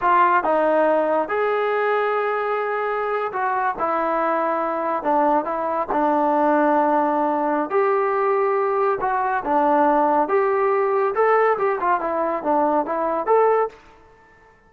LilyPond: \new Staff \with { instrumentName = "trombone" } { \time 4/4 \tempo 4 = 140 f'4 dis'2 gis'4~ | gis'2.~ gis'8. fis'16~ | fis'8. e'2. d'16~ | d'8. e'4 d'2~ d'16~ |
d'2 g'2~ | g'4 fis'4 d'2 | g'2 a'4 g'8 f'8 | e'4 d'4 e'4 a'4 | }